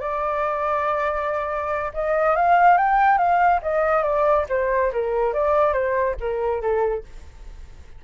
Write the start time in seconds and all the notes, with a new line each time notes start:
0.00 D5
1.93 D#5
2.36 F5
2.77 G5
3.17 F5
3.62 D#5
4.03 D5
4.49 C5
4.92 A#4
5.33 D5
5.73 C5
6.20 A#4
6.61 A4